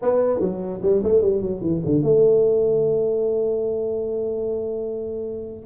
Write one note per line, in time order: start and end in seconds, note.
0.02 0.40 B3
0.40 0.80 F#3
0.82 1.02 G3
1.03 1.21 A3
1.21 1.41 G3
1.41 1.61 F#3
1.61 1.81 E3
1.85 2.03 D3
2.03 5.66 A3